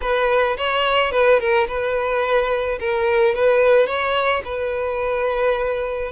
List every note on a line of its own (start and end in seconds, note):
0.01 0.57 B4
0.57 1.11 C#5
1.11 1.39 B4
1.39 1.67 A#4
1.67 2.79 B4
2.79 3.34 A#4
3.34 3.87 B4
3.87 4.42 C#5
4.44 6.11 B4